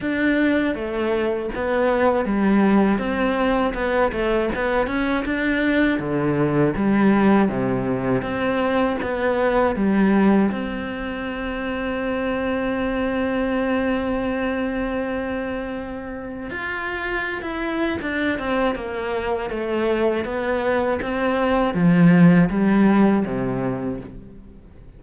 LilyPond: \new Staff \with { instrumentName = "cello" } { \time 4/4 \tempo 4 = 80 d'4 a4 b4 g4 | c'4 b8 a8 b8 cis'8 d'4 | d4 g4 c4 c'4 | b4 g4 c'2~ |
c'1~ | c'2 f'4~ f'16 e'8. | d'8 c'8 ais4 a4 b4 | c'4 f4 g4 c4 | }